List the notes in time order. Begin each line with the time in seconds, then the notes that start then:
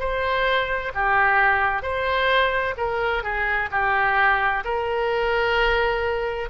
0.00 C5
0.95 G4
1.83 C5
2.77 A#4
3.23 G#4
3.71 G4
4.64 A#4